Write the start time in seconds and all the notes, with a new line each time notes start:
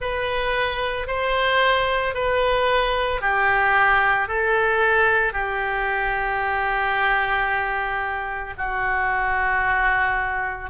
0.00 B4
1.07 C5
2.14 B4
3.21 G4
4.28 A4
5.32 G4
8.57 F#4